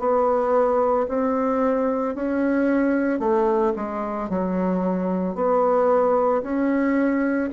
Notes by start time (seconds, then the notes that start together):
0.00 B3
1.09 C4
2.15 C#4
3.20 A3
3.76 G#3
4.30 F#3
5.36 B3
6.43 C#4